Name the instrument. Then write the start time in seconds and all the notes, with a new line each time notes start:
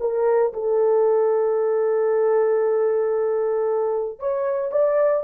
horn
0.00 A#4
0.53 A4
4.19 C#5
4.72 D5